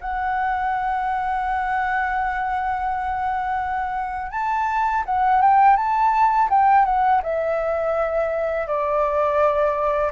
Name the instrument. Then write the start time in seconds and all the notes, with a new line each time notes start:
flute
0.00 F#5
4.31 A5
5.05 F#5
5.41 G5
5.76 A5
6.49 G5
6.85 F#5
7.22 E5
8.67 D5